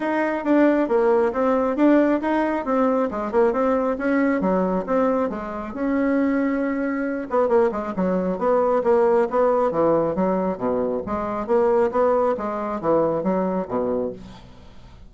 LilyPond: \new Staff \with { instrumentName = "bassoon" } { \time 4/4 \tempo 4 = 136 dis'4 d'4 ais4 c'4 | d'4 dis'4 c'4 gis8 ais8 | c'4 cis'4 fis4 c'4 | gis4 cis'2.~ |
cis'8 b8 ais8 gis8 fis4 b4 | ais4 b4 e4 fis4 | b,4 gis4 ais4 b4 | gis4 e4 fis4 b,4 | }